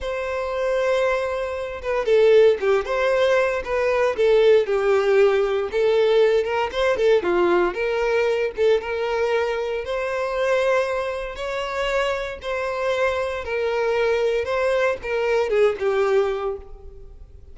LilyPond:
\new Staff \with { instrumentName = "violin" } { \time 4/4 \tempo 4 = 116 c''2.~ c''8 b'8 | a'4 g'8 c''4. b'4 | a'4 g'2 a'4~ | a'8 ais'8 c''8 a'8 f'4 ais'4~ |
ais'8 a'8 ais'2 c''4~ | c''2 cis''2 | c''2 ais'2 | c''4 ais'4 gis'8 g'4. | }